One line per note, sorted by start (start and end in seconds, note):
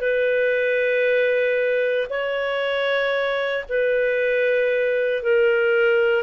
0.00 2.07 B4
2.09 3.64 C#5
3.69 5.22 B4
5.22 6.23 A#4